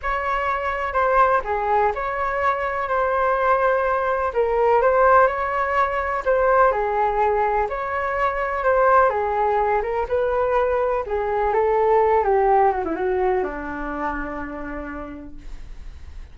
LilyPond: \new Staff \with { instrumentName = "flute" } { \time 4/4 \tempo 4 = 125 cis''2 c''4 gis'4 | cis''2 c''2~ | c''4 ais'4 c''4 cis''4~ | cis''4 c''4 gis'2 |
cis''2 c''4 gis'4~ | gis'8 ais'8 b'2 gis'4 | a'4. g'4 fis'16 e'16 fis'4 | d'1 | }